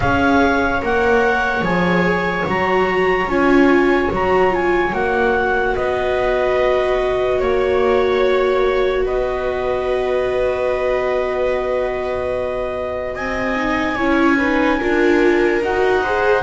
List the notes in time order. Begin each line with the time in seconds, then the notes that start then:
0.00 C#4 G#4 C#5 F5
0.81 A#3 A#4 F#5
1.61 F3 G#4 G#5
2.46 F#3 F#4 A#5
3.26 C#4 F4 G#5
4.10 F#3 F#4 A#5
4.50 F4 G#5
4.92 A#3 F#4 F#5
5.74 B3 B4 D#5
7.39 A#3 C#5
9.04 B3 B4 D#5
13.14 C4 D#5 G#5
13.55 D#4
13.95 C#4 E4 C#5
14.37 D#4 B4
14.78 D4 F4 A#4
15.61 D#4 F#4 F#5
16.02 G#4 C5